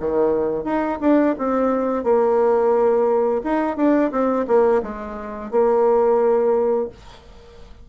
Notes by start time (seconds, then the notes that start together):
0.00 D#3
0.64 D#4
1.01 D4
1.38 C4
2.04 A#3
3.44 D#4
3.77 D4
4.12 C4
4.47 A#3
4.82 G#3
5.51 A#3